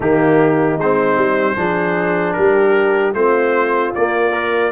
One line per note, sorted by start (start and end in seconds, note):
0.00 0.77 D#3
0.00 0.79 A#3
0.00 1.56 D#4
0.00 0.80 G4
0.77 1.16 G#3
0.77 1.56 C4
0.77 2.33 C5
1.16 1.56 G3
1.56 2.36 F3
1.56 3.14 D4
1.56 2.35 G#4
2.33 3.13 G3
2.33 3.15 G4
2.33 3.12 A#4
3.13 3.92 A3
3.13 3.94 C4
3.13 4.72 F4
3.13 3.93 C5
3.95 4.72 A#3
3.95 4.31 A#3
3.95 4.72 D5
4.31 4.71 A#4